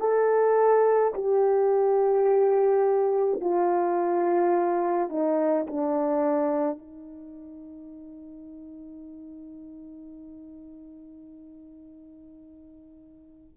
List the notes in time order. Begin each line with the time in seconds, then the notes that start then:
0.00 A4
1.14 G4
3.41 F4
5.09 D#4
5.67 D4
6.79 D#4